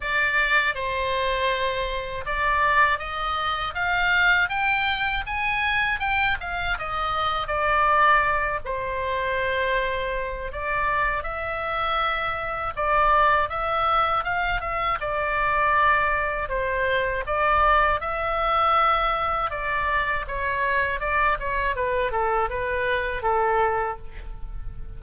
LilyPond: \new Staff \with { instrumentName = "oboe" } { \time 4/4 \tempo 4 = 80 d''4 c''2 d''4 | dis''4 f''4 g''4 gis''4 | g''8 f''8 dis''4 d''4. c''8~ | c''2 d''4 e''4~ |
e''4 d''4 e''4 f''8 e''8 | d''2 c''4 d''4 | e''2 d''4 cis''4 | d''8 cis''8 b'8 a'8 b'4 a'4 | }